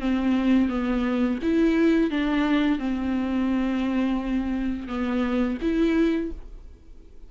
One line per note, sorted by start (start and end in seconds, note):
0.00 0.69 C4
0.69 1.39 B3
1.42 2.10 E4
2.10 2.78 D4
2.78 4.88 C4
4.88 5.58 B3
5.61 6.31 E4